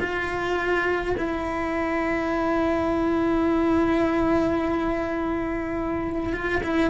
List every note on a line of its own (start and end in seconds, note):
0.00 1.15 F4
1.17 6.33 E4
6.33 6.62 F4
6.63 6.90 E4